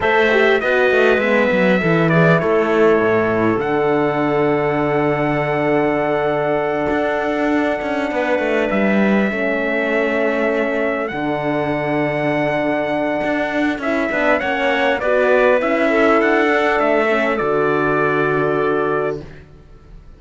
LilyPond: <<
  \new Staff \with { instrumentName = "trumpet" } { \time 4/4 \tempo 4 = 100 e''4 dis''4 e''4. d''8 | cis''2 fis''2~ | fis''1~ | fis''2~ fis''8 e''4.~ |
e''2~ e''8 fis''4.~ | fis''2. e''4 | fis''4 d''4 e''4 fis''4 | e''4 d''2. | }
  \new Staff \with { instrumentName = "clarinet" } { \time 4/4 c''4 b'2 a'8 gis'8 | a'1~ | a'1~ | a'4. b'2 a'8~ |
a'1~ | a'2.~ a'8 b'8 | cis''4 b'4. a'4.~ | a'1 | }
  \new Staff \with { instrumentName = "horn" } { \time 4/4 a'8 g'8 fis'4 b4 e'4~ | e'2 d'2~ | d'1~ | d'2.~ d'8 cis'8~ |
cis'2~ cis'8 d'4.~ | d'2. e'8 d'8 | cis'4 fis'4 e'4. d'8~ | d'8 cis'8 fis'2. | }
  \new Staff \with { instrumentName = "cello" } { \time 4/4 a4 b8 a8 gis8 fis8 e4 | a4 a,4 d2~ | d2.~ d8 d'8~ | d'4 cis'8 b8 a8 g4 a8~ |
a2~ a8 d4.~ | d2 d'4 cis'8 b8 | ais4 b4 cis'4 d'4 | a4 d2. | }
>>